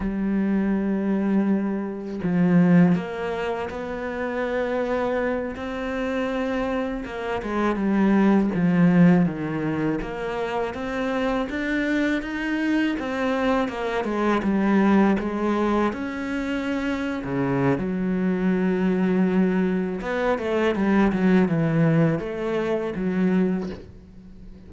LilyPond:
\new Staff \with { instrumentName = "cello" } { \time 4/4 \tempo 4 = 81 g2. f4 | ais4 b2~ b8 c'8~ | c'4. ais8 gis8 g4 f8~ | f8 dis4 ais4 c'4 d'8~ |
d'8 dis'4 c'4 ais8 gis8 g8~ | g8 gis4 cis'4.~ cis'16 cis8. | fis2. b8 a8 | g8 fis8 e4 a4 fis4 | }